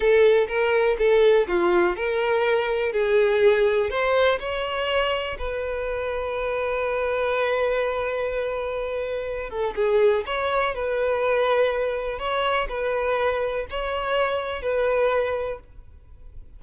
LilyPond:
\new Staff \with { instrumentName = "violin" } { \time 4/4 \tempo 4 = 123 a'4 ais'4 a'4 f'4 | ais'2 gis'2 | c''4 cis''2 b'4~ | b'1~ |
b'2.~ b'8 a'8 | gis'4 cis''4 b'2~ | b'4 cis''4 b'2 | cis''2 b'2 | }